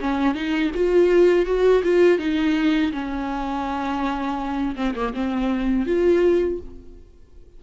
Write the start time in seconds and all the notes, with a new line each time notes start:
0.00 C#4
0.34 D#4
0.74 F4
1.46 F#4
1.83 F4
2.18 D#4
2.92 C#4
4.76 C4
4.95 A#3
5.14 C4
5.86 F4